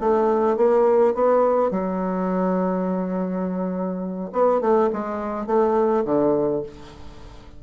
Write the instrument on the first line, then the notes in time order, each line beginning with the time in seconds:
bassoon
0.00 A3
0.57 A#3
1.15 B3
1.71 F#3
4.32 B3
4.61 A3
4.93 G#3
5.47 A3
6.05 D3